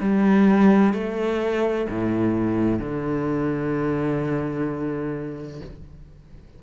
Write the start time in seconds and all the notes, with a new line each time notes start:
0.00 G3
0.93 A3
1.89 A2
2.79 D3